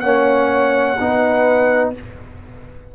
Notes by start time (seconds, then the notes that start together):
0.00 A#3 C#4 C#5 F#5
0.99 B3 D#4 B4